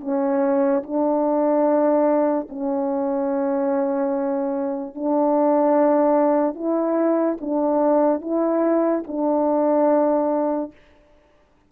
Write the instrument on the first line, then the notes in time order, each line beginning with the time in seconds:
horn
0.00 C#4
0.83 D4
2.49 C#4
4.95 D4
6.55 E4
7.40 D4
8.21 E4
9.07 D4